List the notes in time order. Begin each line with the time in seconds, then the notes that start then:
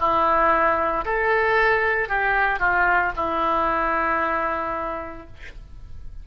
0.00 E4
1.05 A4
2.09 G4
2.60 F4
3.17 E4